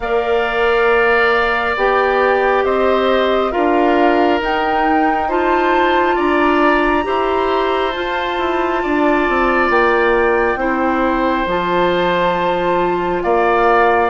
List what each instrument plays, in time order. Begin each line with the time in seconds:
0.00 bassoon A#3, clarinet A#4, oboe D5, flute F5
1.76 bassoon B3, clarinet G4, flute G5
2.64 bassoon C4, oboe C5, flute D#5
3.51 bassoon D4, clarinet F4, oboe A#4, flute F5
4.40 bassoon D#4, clarinet D#4, flute G5
5.28 clarinet F4, oboe C5, flute A5
6.15 bassoon D4, oboe D5, flute A#5
7.03 bassoon E4, clarinet G4, oboe C5
7.92 clarinet F4, bassoon F4, flute A5
8.38 bassoon E4
8.82 bassoon D4, oboe D5
9.28 bassoon C4
9.69 bassoon A#3, flute G5
10.55 bassoon C4, clarinet E4, oboe C5
11.46 bassoon F3, clarinet F4, flute A5
13.22 bassoon A#3, oboe D5, flute F5